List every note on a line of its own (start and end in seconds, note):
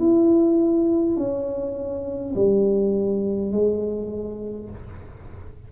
0.00 1.17 E4
1.17 2.35 C#4
2.35 3.52 G3
3.52 4.70 G#3